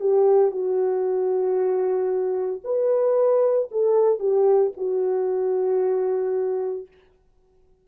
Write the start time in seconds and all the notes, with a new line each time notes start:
0.00 G4
0.51 F#4
2.64 B4
3.71 A4
4.19 G4
4.77 F#4